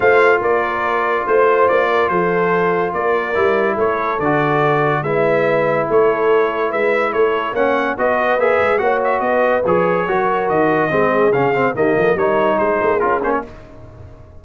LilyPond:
<<
  \new Staff \with { instrumentName = "trumpet" } { \time 4/4 \tempo 4 = 143 f''4 d''2 c''4 | d''4 c''2 d''4~ | d''4 cis''4 d''2 | e''2 cis''2 |
e''4 cis''4 fis''4 dis''4 | e''4 fis''8 e''8 dis''4 cis''4~ | cis''4 dis''2 f''4 | dis''4 cis''4 c''4 ais'8 c''16 cis''16 | }
  \new Staff \with { instrumentName = "horn" } { \time 4/4 c''4 ais'2 c''4~ | c''8 ais'8 a'2 ais'4~ | ais'4 a'2. | b'2 a'2 |
b'4 a'4 cis''4 b'4~ | b'4 cis''4 b'2 | ais'2 gis'2 | g'8 a'8 ais'4 gis'2 | }
  \new Staff \with { instrumentName = "trombone" } { \time 4/4 f'1~ | f'1 | e'2 fis'2 | e'1~ |
e'2 cis'4 fis'4 | gis'4 fis'2 gis'4 | fis'2 c'4 cis'8 c'8 | ais4 dis'2 f'8 cis'8 | }
  \new Staff \with { instrumentName = "tuba" } { \time 4/4 a4 ais2 a4 | ais4 f2 ais4 | g4 a4 d2 | gis2 a2 |
gis4 a4 ais4 b4 | ais8 gis8 ais4 b4 f4 | fis4 dis4 gis4 cis4 | dis8 f8 g4 gis8 ais8 cis'8 ais8 | }
>>